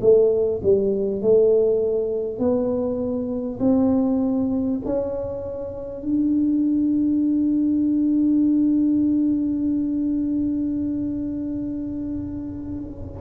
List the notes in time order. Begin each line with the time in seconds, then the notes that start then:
0.00 A3
0.62 G3
1.21 A3
2.38 B3
3.59 C4
4.85 C#4
6.02 D4